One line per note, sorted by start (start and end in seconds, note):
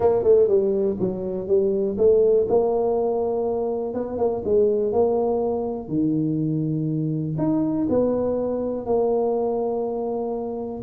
0.00 0.23 A#3
0.23 0.48 A3
0.48 0.97 G3
0.99 1.47 F#3
1.47 1.96 G3
1.97 2.46 A3
2.48 3.93 A#3
3.93 4.17 B3
4.17 4.42 A#3
4.44 4.92 G#3
4.92 5.88 A#3
5.88 7.35 D#3
7.38 7.87 D#4
7.89 8.85 B3
8.85 10.82 A#3